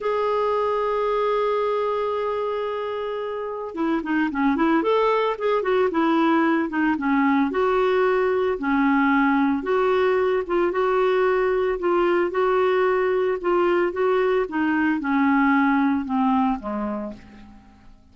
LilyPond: \new Staff \with { instrumentName = "clarinet" } { \time 4/4 \tempo 4 = 112 gis'1~ | gis'2. e'8 dis'8 | cis'8 e'8 a'4 gis'8 fis'8 e'4~ | e'8 dis'8 cis'4 fis'2 |
cis'2 fis'4. f'8 | fis'2 f'4 fis'4~ | fis'4 f'4 fis'4 dis'4 | cis'2 c'4 gis4 | }